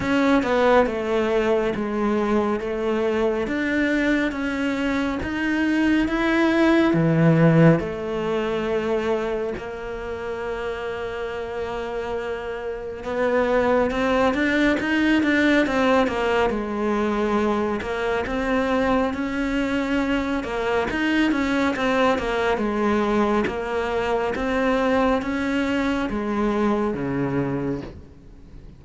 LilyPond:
\new Staff \with { instrumentName = "cello" } { \time 4/4 \tempo 4 = 69 cis'8 b8 a4 gis4 a4 | d'4 cis'4 dis'4 e'4 | e4 a2 ais4~ | ais2. b4 |
c'8 d'8 dis'8 d'8 c'8 ais8 gis4~ | gis8 ais8 c'4 cis'4. ais8 | dis'8 cis'8 c'8 ais8 gis4 ais4 | c'4 cis'4 gis4 cis4 | }